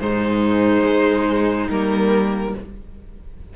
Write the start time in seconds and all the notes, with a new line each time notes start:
0.00 G#2 G#3 D#4 C5
0.84 G#3
1.70 G3 A#3 A#4